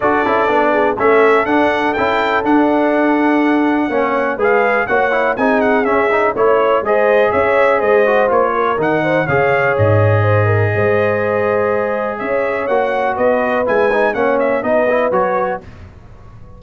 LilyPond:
<<
  \new Staff \with { instrumentName = "trumpet" } { \time 4/4 \tempo 4 = 123 d''2 e''4 fis''4 | g''4 fis''2.~ | fis''4 f''4 fis''4 gis''8 fis''8 | e''4 cis''4 dis''4 e''4 |
dis''4 cis''4 fis''4 f''4 | dis''1~ | dis''4 e''4 fis''4 dis''4 | gis''4 fis''8 e''8 dis''4 cis''4 | }
  \new Staff \with { instrumentName = "horn" } { \time 4/4 a'4. gis'8 a'2~ | a'1 | cis''4 b'4 cis''4 gis'4~ | gis'4 cis''4 c''4 cis''4 |
c''4. ais'4 c''8 cis''4~ | cis''4 c''8 ais'8 c''2~ | c''4 cis''2 b'4~ | b'4 cis''4 b'2 | }
  \new Staff \with { instrumentName = "trombone" } { \time 4/4 fis'8 e'8 d'4 cis'4 d'4 | e'4 d'2. | cis'4 gis'4 fis'8 e'8 dis'4 | cis'8 dis'8 e'4 gis'2~ |
gis'8 fis'8 f'4 dis'4 gis'4~ | gis'1~ | gis'2 fis'2 | e'8 dis'8 cis'4 dis'8 e'8 fis'4 | }
  \new Staff \with { instrumentName = "tuba" } { \time 4/4 d'8 cis'8 b4 a4 d'4 | cis'4 d'2. | ais4 gis4 ais4 c'4 | cis'4 a4 gis4 cis'4 |
gis4 ais4 dis4 cis4 | gis,2 gis2~ | gis4 cis'4 ais4 b4 | gis4 ais4 b4 fis4 | }
>>